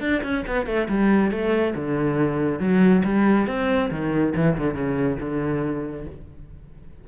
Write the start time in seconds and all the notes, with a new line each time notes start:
0.00 D4
0.23 C#4
0.47 B3
0.66 A3
0.88 G3
1.31 A3
1.75 D3
2.59 F#3
3.04 G3
3.47 C4
3.90 D#3
4.36 E3
4.58 D3
4.74 C#3
5.20 D3